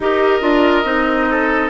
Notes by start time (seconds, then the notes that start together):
0.00 D#4 G4 A#4 D#5
0.41 D4 F4
0.84 C4 D#4
1.30 A4